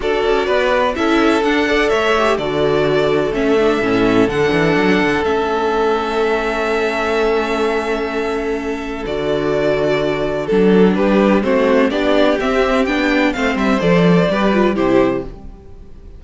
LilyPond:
<<
  \new Staff \with { instrumentName = "violin" } { \time 4/4 \tempo 4 = 126 d''2 e''4 fis''4 | e''4 d''2 e''4~ | e''4 fis''2 e''4~ | e''1~ |
e''2. d''4~ | d''2 a'4 b'4 | c''4 d''4 e''4 g''4 | f''8 e''8 d''2 c''4 | }
  \new Staff \with { instrumentName = "violin" } { \time 4/4 a'4 b'4 a'4. d''8 | cis''4 a'2.~ | a'1~ | a'1~ |
a'1~ | a'2. g'4 | fis'4 g'2. | c''2 b'4 g'4 | }
  \new Staff \with { instrumentName = "viola" } { \time 4/4 fis'2 e'4 d'8 a'8~ | a'8 g'8 fis'2 cis'8 d'8 | cis'4 d'2 cis'4~ | cis'1~ |
cis'2. fis'4~ | fis'2 d'2 | c'4 d'4 c'4 d'4 | c'4 a'4 g'8 f'8 e'4 | }
  \new Staff \with { instrumentName = "cello" } { \time 4/4 d'8 cis'8 b4 cis'4 d'4 | a4 d2 a4 | a,4 d8 e8 fis8 d8 a4~ | a1~ |
a2. d4~ | d2 fis4 g4 | a4 b4 c'4 b4 | a8 g8 f4 g4 c4 | }
>>